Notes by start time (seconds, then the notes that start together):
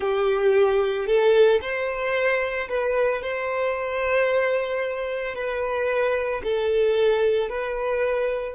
0.00 G4
1.06 A4
1.61 C5
2.68 B4
3.22 C5
5.34 B4
6.43 A4
7.49 B4